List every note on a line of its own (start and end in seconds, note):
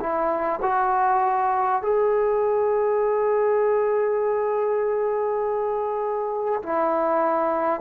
0.00 0.60 E4
0.62 1.82 F#4
1.82 6.62 G#4
6.63 7.81 E4